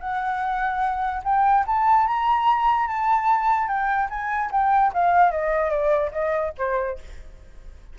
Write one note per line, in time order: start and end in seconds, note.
0.00 1.22 F#5
1.24 1.65 G5
1.67 2.07 A5
2.07 2.88 A#5
2.88 3.68 A5
3.68 4.09 G5
4.10 4.51 G#5
4.52 4.93 G5
4.94 5.32 F5
5.32 5.71 D#5
5.71 6.12 D5
6.12 6.53 D#5
6.58 6.99 C5